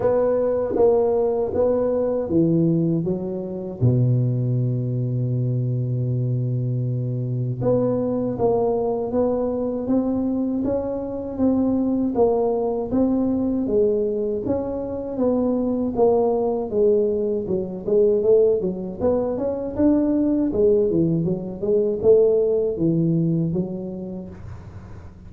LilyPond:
\new Staff \with { instrumentName = "tuba" } { \time 4/4 \tempo 4 = 79 b4 ais4 b4 e4 | fis4 b,2.~ | b,2 b4 ais4 | b4 c'4 cis'4 c'4 |
ais4 c'4 gis4 cis'4 | b4 ais4 gis4 fis8 gis8 | a8 fis8 b8 cis'8 d'4 gis8 e8 | fis8 gis8 a4 e4 fis4 | }